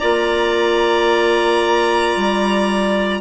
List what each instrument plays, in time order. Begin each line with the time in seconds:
0.00 bassoon A#3, clarinet F4 D5, violin A#5
2.17 bassoon G3